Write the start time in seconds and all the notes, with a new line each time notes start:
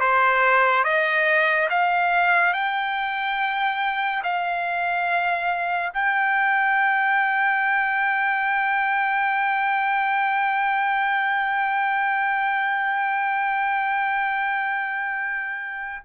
0.00 C5
0.84 D#5
1.69 F5
2.54 G5
4.23 F5
5.93 G5